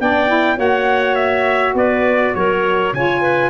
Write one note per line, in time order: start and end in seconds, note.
0.00 0.58 B3
0.00 0.27 D4
0.00 0.57 D5
0.00 0.59 G5
0.27 0.56 E4
0.56 1.74 A#3
0.56 2.92 F#4
0.56 1.75 C#5
0.56 1.15 F#5
1.15 1.74 E5
1.74 2.33 B3
1.74 2.34 B4
1.74 2.35 D5
2.35 2.93 F#3
2.35 2.95 A#4
2.35 2.94 C#5
2.93 3.50 C#3
2.93 3.50 F4
2.93 3.21 C#5
2.93 3.50 G#5
3.21 3.50 B4